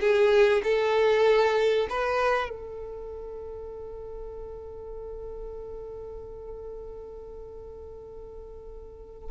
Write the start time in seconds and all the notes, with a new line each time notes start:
0.00 G#4
0.64 A4
1.90 B4
2.50 A4